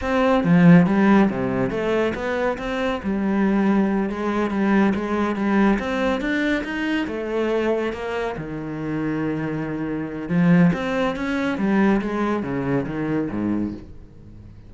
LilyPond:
\new Staff \with { instrumentName = "cello" } { \time 4/4 \tempo 4 = 140 c'4 f4 g4 c4 | a4 b4 c'4 g4~ | g4. gis4 g4 gis8~ | gis8 g4 c'4 d'4 dis'8~ |
dis'8 a2 ais4 dis8~ | dis1 | f4 c'4 cis'4 g4 | gis4 cis4 dis4 gis,4 | }